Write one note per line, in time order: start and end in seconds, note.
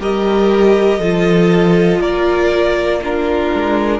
0.00 0.99 G3
0.00 1.00 G4
0.00 1.00 A#4
0.00 2.02 D#5
0.99 1.99 F3
0.99 3.03 F4
0.99 2.00 A4
2.00 3.50 A#3
2.00 3.01 A#4
2.00 3.02 D5
3.02 4.00 D4
3.02 4.00 F4
3.02 4.00 A#4
3.55 4.00 G#3